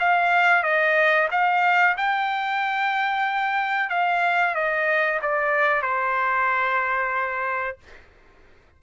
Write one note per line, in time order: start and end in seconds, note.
0.00 0.64 F5
0.64 1.29 D#5
1.32 1.97 F5
1.98 3.90 G5
3.90 4.55 F5
4.55 5.21 D#5
5.23 5.83 D5
5.83 7.78 C5